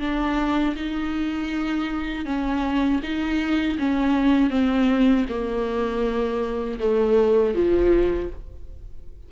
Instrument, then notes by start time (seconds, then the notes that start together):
viola
0.00 D4
0.76 D#4
2.25 C#4
3.03 D#4
3.79 C#4
4.50 C4
5.29 A#3
6.79 A3
7.55 F3